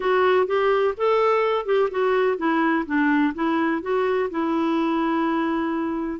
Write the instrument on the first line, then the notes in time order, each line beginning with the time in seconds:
clarinet
0.00 F#4
0.46 G4
0.97 A4
1.65 G4
1.90 F#4
2.37 E4
2.86 D4
3.34 E4
3.82 F#4
4.30 E4